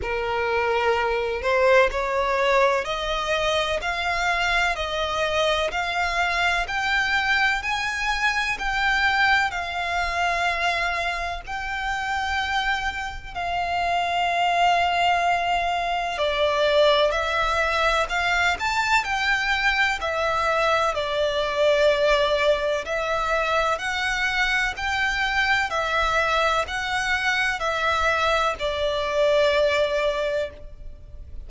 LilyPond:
\new Staff \with { instrumentName = "violin" } { \time 4/4 \tempo 4 = 63 ais'4. c''8 cis''4 dis''4 | f''4 dis''4 f''4 g''4 | gis''4 g''4 f''2 | g''2 f''2~ |
f''4 d''4 e''4 f''8 a''8 | g''4 e''4 d''2 | e''4 fis''4 g''4 e''4 | fis''4 e''4 d''2 | }